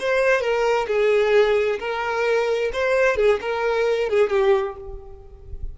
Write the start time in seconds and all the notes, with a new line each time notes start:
0.00 C5
0.41 A#4
0.88 G#4
1.80 A#4
2.73 C5
3.17 G#4
3.41 A#4
4.10 G#4
4.30 G4